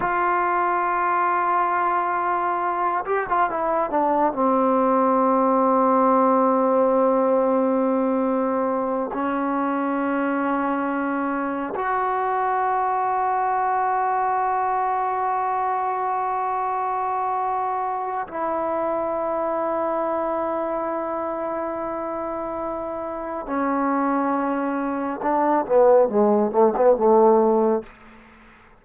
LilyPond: \new Staff \with { instrumentName = "trombone" } { \time 4/4 \tempo 4 = 69 f'2.~ f'8 g'16 f'16 | e'8 d'8 c'2.~ | c'2~ c'8 cis'4.~ | cis'4. fis'2~ fis'8~ |
fis'1~ | fis'4 e'2.~ | e'2. cis'4~ | cis'4 d'8 b8 gis8 a16 b16 a4 | }